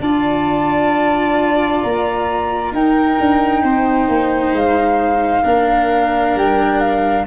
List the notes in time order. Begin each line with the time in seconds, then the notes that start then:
0.00 D4 F4 D5 A5
1.82 A#3 A#5
2.72 D#4 A#4 G5
3.20 D4
3.63 C4 C5
4.08 A#3
4.52 G#3 F5
5.43 A#3 D4 A#4
6.35 G3 G5
6.80 F5